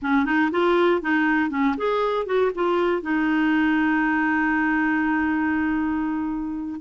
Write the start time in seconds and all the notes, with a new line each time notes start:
0.02 C#4
0.25 D#4
0.51 F4
1.01 D#4
1.49 C#4
1.77 G#4
2.26 F#4
2.54 F4
3.02 D#4